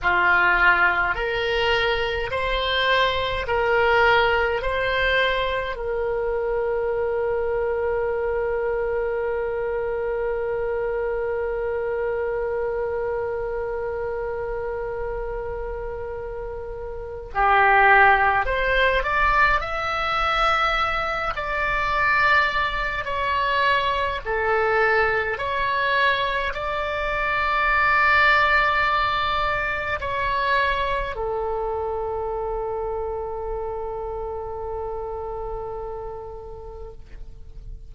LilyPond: \new Staff \with { instrumentName = "oboe" } { \time 4/4 \tempo 4 = 52 f'4 ais'4 c''4 ais'4 | c''4 ais'2.~ | ais'1~ | ais'2. g'4 |
c''8 d''8 e''4. d''4. | cis''4 a'4 cis''4 d''4~ | d''2 cis''4 a'4~ | a'1 | }